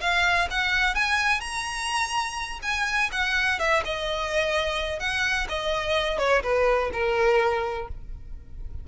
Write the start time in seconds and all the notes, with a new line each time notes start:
0.00 F5
0.50 F#5
0.95 G#5
1.40 A#5
2.62 G#5
3.11 F#5
3.59 E5
3.85 D#5
4.99 F#5
5.48 D#5
6.18 C#5
6.42 B4
6.93 A#4